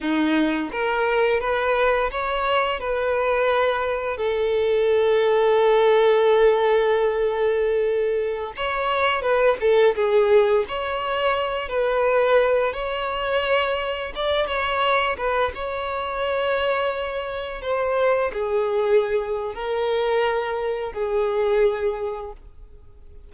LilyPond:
\new Staff \with { instrumentName = "violin" } { \time 4/4 \tempo 4 = 86 dis'4 ais'4 b'4 cis''4 | b'2 a'2~ | a'1~ | a'16 cis''4 b'8 a'8 gis'4 cis''8.~ |
cis''8. b'4. cis''4.~ cis''16~ | cis''16 d''8 cis''4 b'8 cis''4.~ cis''16~ | cis''4~ cis''16 c''4 gis'4.~ gis'16 | ais'2 gis'2 | }